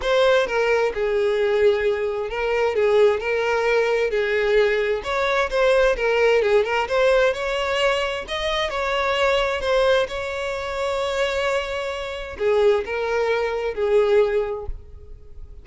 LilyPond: \new Staff \with { instrumentName = "violin" } { \time 4/4 \tempo 4 = 131 c''4 ais'4 gis'2~ | gis'4 ais'4 gis'4 ais'4~ | ais'4 gis'2 cis''4 | c''4 ais'4 gis'8 ais'8 c''4 |
cis''2 dis''4 cis''4~ | cis''4 c''4 cis''2~ | cis''2. gis'4 | ais'2 gis'2 | }